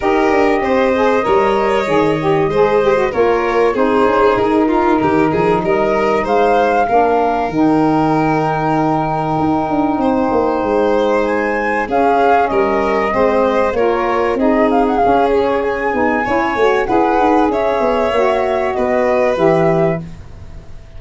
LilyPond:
<<
  \new Staff \with { instrumentName = "flute" } { \time 4/4 \tempo 4 = 96 dis''1~ | dis''4 cis''4 c''4 ais'4~ | ais'4 dis''4 f''2 | g''1~ |
g''2 gis''4 f''4 | dis''2 cis''4 dis''8 f''16 fis''16 | f''8 cis''8 gis''2 fis''4 | e''2 dis''4 e''4 | }
  \new Staff \with { instrumentName = "violin" } { \time 4/4 ais'4 c''4 cis''2 | c''4 ais'4 gis'4. f'8 | g'8 gis'8 ais'4 c''4 ais'4~ | ais'1 |
c''2. gis'4 | ais'4 c''4 ais'4 gis'4~ | gis'2 cis''4 b'4 | cis''2 b'2 | }
  \new Staff \with { instrumentName = "saxophone" } { \time 4/4 g'4. gis'8 ais'4 gis'8 g'8 | gis'8 g'16 fis'16 f'4 dis'2~ | dis'2. d'4 | dis'1~ |
dis'2. cis'4~ | cis'4 c'4 f'4 dis'4 | cis'4. dis'8 e'8 fis'8 gis'4~ | gis'4 fis'2 g'4 | }
  \new Staff \with { instrumentName = "tuba" } { \time 4/4 dis'8 d'8 c'4 g4 dis4 | gis4 ais4 c'8 cis'8 dis'4 | dis8 f8 g4 gis4 ais4 | dis2. dis'8 d'8 |
c'8 ais8 gis2 cis'4 | g4 gis4 ais4 c'4 | cis'4. b8 cis'8 a8 e'8 dis'8 | cis'8 b8 ais4 b4 e4 | }
>>